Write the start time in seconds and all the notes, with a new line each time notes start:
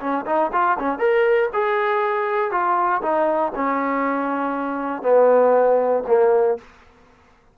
0.00 C#4
0.26 D#4
0.52 F4
0.79 C#4
0.99 A#4
1.53 G#4
2.51 F4
3.02 D#4
3.55 C#4
5.02 B3
6.07 A#3